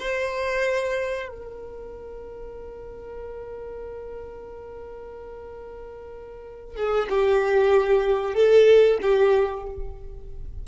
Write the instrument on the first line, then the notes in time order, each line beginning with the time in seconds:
violin
0.00 C5
1.29 A#4
6.76 G#4
7.09 G4
8.34 A4
9.02 G4